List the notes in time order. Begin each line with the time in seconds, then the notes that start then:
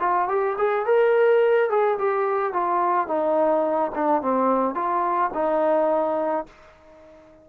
0.00 F4
0.28 G4
0.58 G#4
0.86 A#4
1.70 G#4
1.99 G4
2.53 F4
3.08 D#4
3.95 D4
4.22 C4
4.75 F4
5.34 D#4